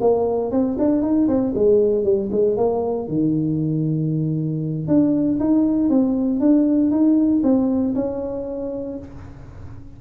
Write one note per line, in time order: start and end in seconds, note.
0.00 0.51 A#3
0.51 0.77 C4
0.79 1.02 D4
1.02 1.28 D#4
1.28 1.53 C4
1.55 2.03 G#3
2.03 2.29 G3
2.31 2.57 G#3
2.57 3.08 A#3
3.08 4.87 D#3
4.87 5.38 D4
5.39 5.90 D#4
5.90 6.40 C4
6.40 6.91 D4
6.91 7.42 D#4
7.43 7.94 C4
7.95 8.98 C#4